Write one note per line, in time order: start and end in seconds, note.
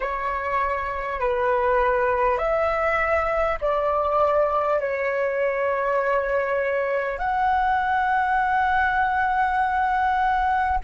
0.00 1.20 C#5
1.20 2.38 B4
2.38 3.58 E5
3.61 4.79 D5
4.79 7.18 C#5
7.18 10.78 F#5